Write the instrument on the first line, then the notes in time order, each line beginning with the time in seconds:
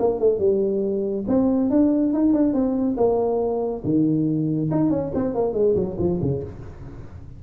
tuba
0.00 A#3
0.20 A3
0.40 G3
1.28 C4
1.71 D4
2.14 D#4
2.34 D4
2.54 C4
2.97 A#3
3.85 D#3
4.71 D#4
4.91 C#4
5.15 C4
5.35 A#3
5.54 G#3
5.76 F#3
5.99 F3
6.22 C#3